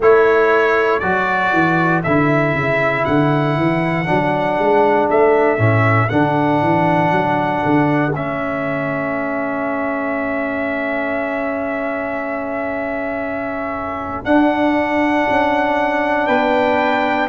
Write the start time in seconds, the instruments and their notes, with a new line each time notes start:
0.00 tuba A3, trombone E4, horn A4, trumpet C#5
0.99 tuba F#3, trombone F#4, trumpet D5
1.53 tuba E3
2.03 tuba D3, trombone E4, trumpet E5
2.53 tuba C#3
3.04 tuba D3, trumpet F#5
3.57 tuba E3
4.05 tuba F#3, trombone D4
4.58 tuba G#3
5.10 tuba A3, trumpet E5
5.57 tuba A2, trombone C#4
6.08 tuba D3, trombone D4, trumpet F#5
6.61 tuba E3
7.11 tuba F#3
7.65 tuba D3
8.15 tuba A3, trombone C#4, trumpet E5
14.24 trombone D4, tuba D4, trumpet F#5
15.29 tuba C#4
16.26 tuba B3, horn B4, trumpet G5